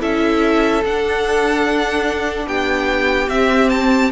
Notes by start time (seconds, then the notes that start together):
0.00 C#4 E4 A4 E5
0.84 D4 F#5
2.46 B3 G4 G5
3.28 C4 E5
3.70 A5